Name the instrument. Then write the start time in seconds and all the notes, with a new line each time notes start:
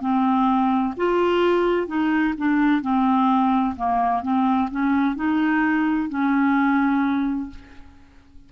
clarinet
0.00 C4
0.96 F4
1.87 D#4
2.37 D4
2.81 C4
3.76 A#3
4.22 C4
4.70 C#4
5.15 D#4
6.09 C#4